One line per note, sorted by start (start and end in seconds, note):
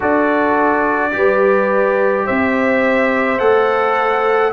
0.00 1.13 D4
0.00 1.11 F#4
0.00 1.11 A4
0.00 2.26 D5
1.11 2.26 G3
1.11 3.38 G4
1.11 2.25 B4
2.25 3.40 C4
2.25 4.52 C5
2.25 3.38 E5
3.38 4.53 A3
3.38 4.52 A4
3.38 4.52 F#5